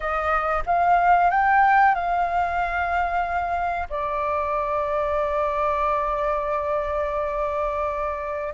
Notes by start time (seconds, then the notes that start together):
0.00 D#5
0.66 F5
1.30 G5
1.94 F5
3.89 D5